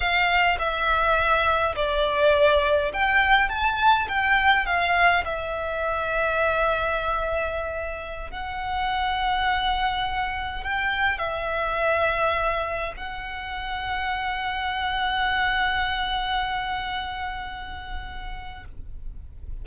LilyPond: \new Staff \with { instrumentName = "violin" } { \time 4/4 \tempo 4 = 103 f''4 e''2 d''4~ | d''4 g''4 a''4 g''4 | f''4 e''2.~ | e''2~ e''16 fis''4.~ fis''16~ |
fis''2~ fis''16 g''4 e''8.~ | e''2~ e''16 fis''4.~ fis''16~ | fis''1~ | fis''1 | }